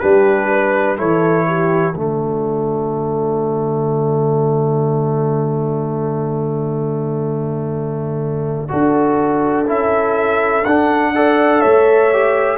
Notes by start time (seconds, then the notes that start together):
0.00 G3 D4 G4 B4
0.51 B4
0.97 E3 E4 A4 C#5
1.47 G4
1.95 D3 A3 F#4 D5
8.69 D4 F#4 A4
9.67 C#4 E4 E5
10.65 D4 F#5
11.15 A4 D5
11.60 A3 C#5 E5
12.14 G4